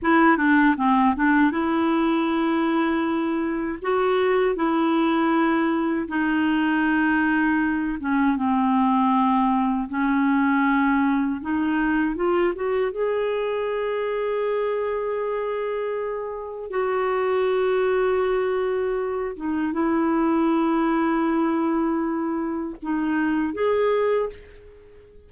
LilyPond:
\new Staff \with { instrumentName = "clarinet" } { \time 4/4 \tempo 4 = 79 e'8 d'8 c'8 d'8 e'2~ | e'4 fis'4 e'2 | dis'2~ dis'8 cis'8 c'4~ | c'4 cis'2 dis'4 |
f'8 fis'8 gis'2.~ | gis'2 fis'2~ | fis'4. dis'8 e'2~ | e'2 dis'4 gis'4 | }